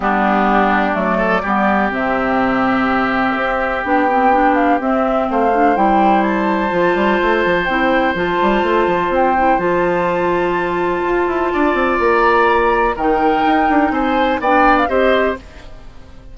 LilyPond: <<
  \new Staff \with { instrumentName = "flute" } { \time 4/4 \tempo 4 = 125 g'2 d''2 | e''1 | g''4. f''8 e''4 f''4 | g''4 a''2. |
g''4 a''2 g''4 | a''1~ | a''4 ais''2 g''4~ | g''4 gis''4 g''8. f''16 dis''4 | }
  \new Staff \with { instrumentName = "oboe" } { \time 4/4 d'2~ d'8 a'8 g'4~ | g'1~ | g'2. c''4~ | c''1~ |
c''1~ | c''1 | d''2. ais'4~ | ais'4 c''4 d''4 c''4 | }
  \new Staff \with { instrumentName = "clarinet" } { \time 4/4 b2 a4 b4 | c'1 | d'8 c'8 d'4 c'4. d'8 | e'2 f'2 |
e'4 f'2~ f'8 e'8 | f'1~ | f'2. dis'4~ | dis'2 d'4 g'4 | }
  \new Staff \with { instrumentName = "bassoon" } { \time 4/4 g2 fis4 g4 | c2. c'4 | b2 c'4 a4 | g2 f8 g8 a8 f8 |
c'4 f8 g8 a8 f8 c'4 | f2. f'8 e'8 | d'8 c'8 ais2 dis4 | dis'8 d'8 c'4 b4 c'4 | }
>>